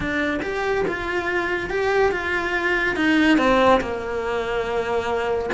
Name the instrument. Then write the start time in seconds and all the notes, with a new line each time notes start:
cello
0.00 D4
0.42 G4
0.87 F4
1.70 G4
2.11 F4
2.96 D#4
3.38 C4
3.80 A#3